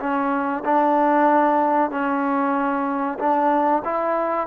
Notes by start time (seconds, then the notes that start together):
0.00 C#4
0.65 D4
1.91 C#4
3.19 D4
3.85 E4